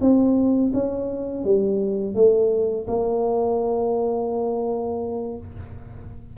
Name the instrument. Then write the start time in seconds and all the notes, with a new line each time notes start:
tuba
0.00 C4
0.73 C#4
1.44 G3
2.14 A3
2.87 A#3